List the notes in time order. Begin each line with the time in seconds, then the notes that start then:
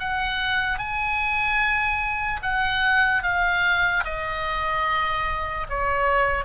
0.00 F#5
0.79 G#5
2.43 F#5
3.23 F5
4.05 D#5
5.69 C#5